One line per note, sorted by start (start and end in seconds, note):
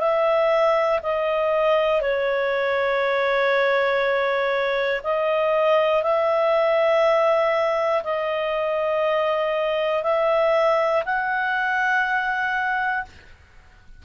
0.00 1.00 E5
1.03 2.02 D#5
2.02 5.02 C#5
5.04 6.03 D#5
6.03 8.03 E5
8.04 10.04 D#5
10.04 11.04 E5
11.05 13.05 F#5